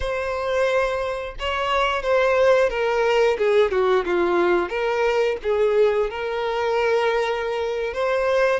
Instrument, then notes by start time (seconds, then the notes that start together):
violin
0.00 C5
1.39 C#5
2.02 C5
2.69 A#4
3.37 G#4
3.71 F#4
4.05 F4
4.69 A#4
5.43 G#4
6.09 A#4
7.93 C5